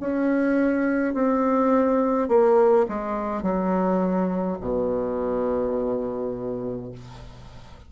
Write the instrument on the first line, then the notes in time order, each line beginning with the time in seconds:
bassoon
0.00 C#4
1.14 C4
2.29 A#3
2.88 G#3
3.42 F#3
4.60 B2